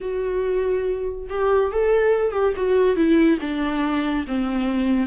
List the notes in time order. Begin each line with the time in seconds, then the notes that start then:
0.00 F#4
1.29 G4
1.71 A4
2.31 G4
2.56 F#4
2.96 E4
3.40 D4
4.27 C4